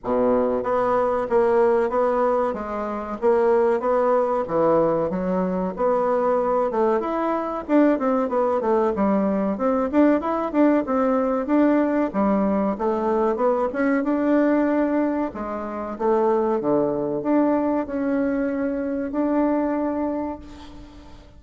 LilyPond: \new Staff \with { instrumentName = "bassoon" } { \time 4/4 \tempo 4 = 94 b,4 b4 ais4 b4 | gis4 ais4 b4 e4 | fis4 b4. a8 e'4 | d'8 c'8 b8 a8 g4 c'8 d'8 |
e'8 d'8 c'4 d'4 g4 | a4 b8 cis'8 d'2 | gis4 a4 d4 d'4 | cis'2 d'2 | }